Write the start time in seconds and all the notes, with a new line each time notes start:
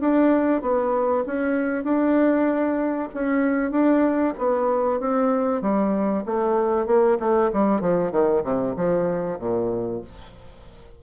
0.00 D4
0.61 B3
1.26 C#4
1.84 D4
3.13 C#4
3.71 D4
4.38 B3
5.00 C4
5.61 G3
6.25 A3
6.86 A#3
7.19 A3
7.52 G3
7.80 F3
8.11 D#3
8.43 C3
8.76 F3
9.39 A#2